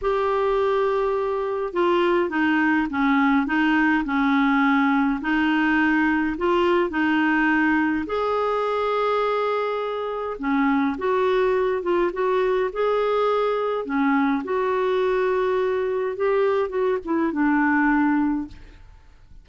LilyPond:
\new Staff \with { instrumentName = "clarinet" } { \time 4/4 \tempo 4 = 104 g'2. f'4 | dis'4 cis'4 dis'4 cis'4~ | cis'4 dis'2 f'4 | dis'2 gis'2~ |
gis'2 cis'4 fis'4~ | fis'8 f'8 fis'4 gis'2 | cis'4 fis'2. | g'4 fis'8 e'8 d'2 | }